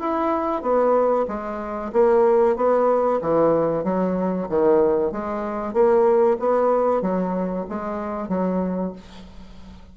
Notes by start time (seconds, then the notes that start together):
0.00 E4
0.62 B3
1.28 G#3
1.93 A#3
2.56 B3
3.22 E3
3.84 F#3
4.49 D#3
5.12 G#3
5.74 A#3
6.40 B3
7.02 F#3
7.69 G#3
8.29 F#3